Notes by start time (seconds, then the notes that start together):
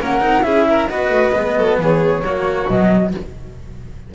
0.00 A#3 C#4 A#4 F#5
0.20 C4 D#4
0.42 C#4 E4 G#4 E5
0.69 A#4
0.88 B3 F#4 B4 D#5
1.10 A3
1.32 G#3 B3
1.56 F#3 A4
1.79 E3 G#4 C#5
2.21 F#3 A#3 F#4
2.68 B2 F#3 D#5